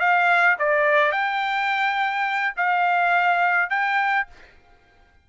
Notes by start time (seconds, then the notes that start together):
0.00 F5
0.59 D5
1.12 G5
2.57 F5
3.70 G5